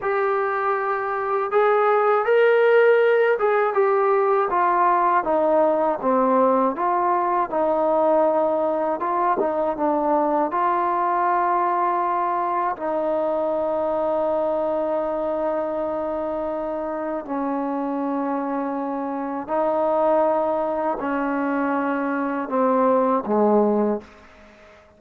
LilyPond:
\new Staff \with { instrumentName = "trombone" } { \time 4/4 \tempo 4 = 80 g'2 gis'4 ais'4~ | ais'8 gis'8 g'4 f'4 dis'4 | c'4 f'4 dis'2 | f'8 dis'8 d'4 f'2~ |
f'4 dis'2.~ | dis'2. cis'4~ | cis'2 dis'2 | cis'2 c'4 gis4 | }